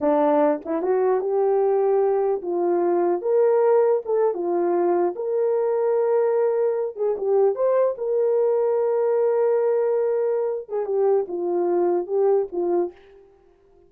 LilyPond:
\new Staff \with { instrumentName = "horn" } { \time 4/4 \tempo 4 = 149 d'4. e'8 fis'4 g'4~ | g'2 f'2 | ais'2 a'8. f'4~ f'16~ | f'8. ais'2.~ ais'16~ |
ais'4~ ais'16 gis'8 g'4 c''4 ais'16~ | ais'1~ | ais'2~ ais'8 gis'8 g'4 | f'2 g'4 f'4 | }